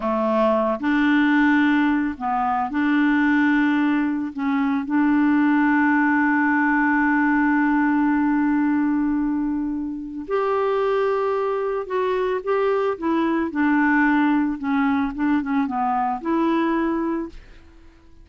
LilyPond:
\new Staff \with { instrumentName = "clarinet" } { \time 4/4 \tempo 4 = 111 a4. d'2~ d'8 | b4 d'2. | cis'4 d'2.~ | d'1~ |
d'2. g'4~ | g'2 fis'4 g'4 | e'4 d'2 cis'4 | d'8 cis'8 b4 e'2 | }